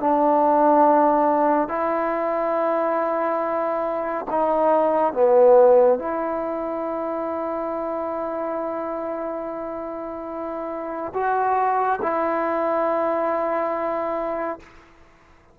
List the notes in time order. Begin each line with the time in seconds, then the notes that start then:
0.00 D4
1.68 E4
4.31 D#4
5.13 B3
5.98 E4
11.14 F#4
12.02 E4